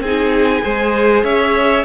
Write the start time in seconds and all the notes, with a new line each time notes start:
0.00 C4 D#4 G#4 G#5
0.62 G#3 G#4 C5
1.23 C#4 C#5 E5